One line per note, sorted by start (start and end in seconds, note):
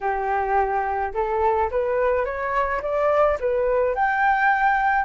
0.01 1.13 G4
1.13 1.69 A4
1.70 2.25 B4
2.25 2.81 C#5
2.82 3.38 D5
3.40 3.94 B4
3.94 5.04 G5